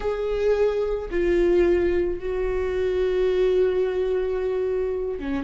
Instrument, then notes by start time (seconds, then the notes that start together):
viola
0.00 G#4
1.10 F4
2.19 F#4
5.19 C#4